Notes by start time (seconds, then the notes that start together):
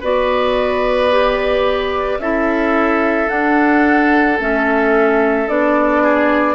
0.00 B3 F#4 B4 D5
1.10 G4
2.18 C#4 E4 A4 E5
3.28 D4 F#5
4.38 A3 C#4 E5
5.47 B3 D4 D5
6.02 G#4